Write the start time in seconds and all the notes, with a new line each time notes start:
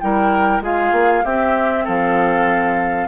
0.00 G3 E4 A#4 G5
0.61 G#3 F4 G#4 F5
0.92 A#3
1.24 C4 G4 E5
1.84 F3 A4 F5